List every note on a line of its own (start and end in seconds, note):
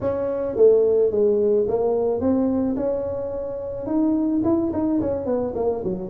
0.01 0.56 C#4
0.56 1.11 A3
1.11 1.66 G#3
1.68 2.20 A#3
2.20 2.76 C4
2.76 3.86 C#4
3.86 4.42 D#4
4.43 4.71 E4
4.72 5.00 D#4
5.01 5.25 C#4
5.25 5.53 B3
5.55 5.83 A#3
5.84 6.09 F#3